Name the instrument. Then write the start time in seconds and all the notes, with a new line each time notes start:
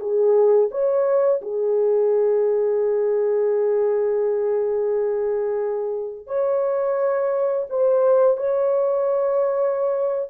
horn
0.00 G#4
0.71 C#5
1.41 G#4
6.27 C#5
7.69 C5
8.37 C#5